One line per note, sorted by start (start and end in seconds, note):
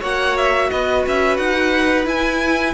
0.00 0.70 A#3
0.00 2.05 F#4
0.00 0.68 C#5
0.00 0.37 F#5
0.37 0.70 E5
0.70 1.06 B3
0.70 2.73 B4
0.70 1.04 D#5
1.06 1.38 C#4
1.06 1.37 E5
1.37 2.06 D#4
1.37 2.05 F#5
2.05 2.73 E4
2.05 2.73 G#5